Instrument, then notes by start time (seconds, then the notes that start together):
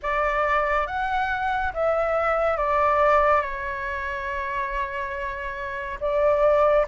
flute
0.02 D5
0.86 F#5
1.73 E5
2.57 D5
3.41 C#5
6.00 D5